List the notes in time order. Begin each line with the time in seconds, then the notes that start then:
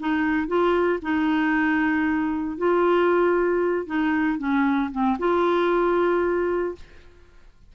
0.00 D#4
0.47 F4
1.02 D#4
2.57 F4
3.86 D#4
4.38 C#4
4.91 C4
5.18 F4